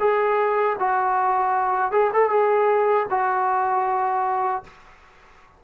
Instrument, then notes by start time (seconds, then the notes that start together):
trombone
0.00 G#4
0.79 F#4
1.92 G#4
2.14 A4
2.30 G#4
3.10 F#4